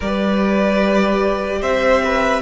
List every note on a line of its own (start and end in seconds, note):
0.00 1.62 G3
0.00 2.41 G4
0.00 1.59 B4
0.00 1.61 D5
1.61 2.41 C4
1.61 2.02 C5
1.61 2.41 E5
2.04 2.41 B4